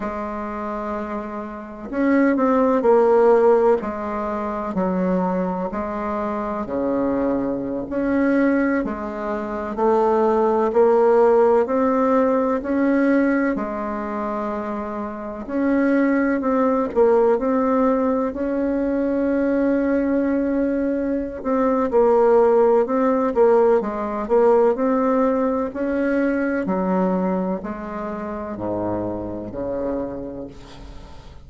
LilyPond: \new Staff \with { instrumentName = "bassoon" } { \time 4/4 \tempo 4 = 63 gis2 cis'8 c'8 ais4 | gis4 fis4 gis4 cis4~ | cis16 cis'4 gis4 a4 ais8.~ | ais16 c'4 cis'4 gis4.~ gis16~ |
gis16 cis'4 c'8 ais8 c'4 cis'8.~ | cis'2~ cis'8 c'8 ais4 | c'8 ais8 gis8 ais8 c'4 cis'4 | fis4 gis4 gis,4 cis4 | }